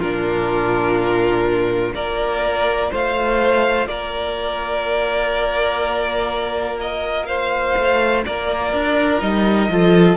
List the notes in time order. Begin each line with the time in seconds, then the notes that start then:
0.00 A#2 D4 F4 A#4
1.95 A#3 F4 A#4 D5
2.91 A3 C5 F5
3.87 A#3 A#4 D5
6.81 D#5
7.27 C5 F5
7.77 A3
8.25 A#3 A#4 D5
8.74 D4
9.20 G3 D#4 D#5
9.69 F3 F4 A4